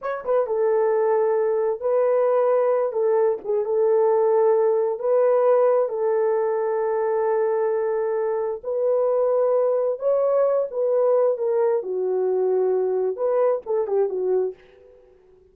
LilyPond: \new Staff \with { instrumentName = "horn" } { \time 4/4 \tempo 4 = 132 cis''8 b'8 a'2. | b'2~ b'8 a'4 gis'8 | a'2. b'4~ | b'4 a'2.~ |
a'2. b'4~ | b'2 cis''4. b'8~ | b'4 ais'4 fis'2~ | fis'4 b'4 a'8 g'8 fis'4 | }